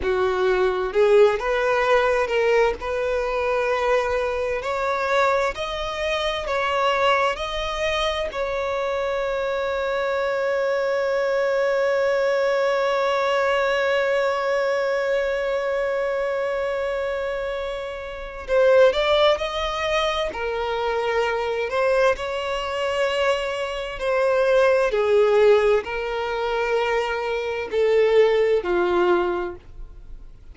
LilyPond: \new Staff \with { instrumentName = "violin" } { \time 4/4 \tempo 4 = 65 fis'4 gis'8 b'4 ais'8 b'4~ | b'4 cis''4 dis''4 cis''4 | dis''4 cis''2.~ | cis''1~ |
cis''1 | c''8 d''8 dis''4 ais'4. c''8 | cis''2 c''4 gis'4 | ais'2 a'4 f'4 | }